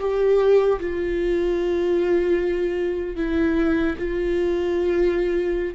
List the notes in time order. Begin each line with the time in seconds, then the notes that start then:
0.00 G4
0.80 F4
3.17 E4
3.99 F4